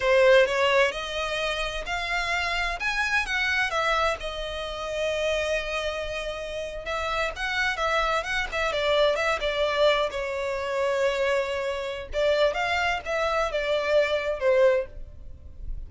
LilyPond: \new Staff \with { instrumentName = "violin" } { \time 4/4 \tempo 4 = 129 c''4 cis''4 dis''2 | f''2 gis''4 fis''4 | e''4 dis''2.~ | dis''2~ dis''8. e''4 fis''16~ |
fis''8. e''4 fis''8 e''8 d''4 e''16~ | e''16 d''4. cis''2~ cis''16~ | cis''2 d''4 f''4 | e''4 d''2 c''4 | }